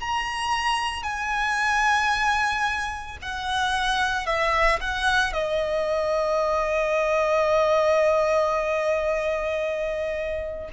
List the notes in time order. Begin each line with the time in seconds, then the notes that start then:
0.00 A#5
1.03 G#5
3.22 F#5
4.26 E5
4.81 F#5
5.33 D#5